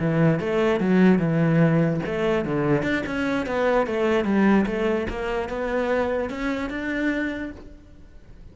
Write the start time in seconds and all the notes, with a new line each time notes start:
0.00 E3
0.40 A3
0.81 F#3
1.19 E3
2.06 A3
2.46 D3
2.83 D4
3.07 C#4
3.47 B3
3.87 A3
4.25 G3
4.67 A3
5.10 A#3
5.50 B3
6.30 C#4
6.70 D4